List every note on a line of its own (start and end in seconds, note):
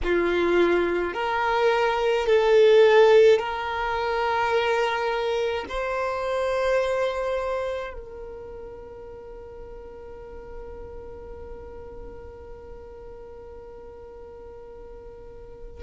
0.03 1.13 F4
1.13 2.26 A#4
2.26 3.38 A4
3.38 5.64 A#4
5.69 7.93 C5
7.93 15.82 A#4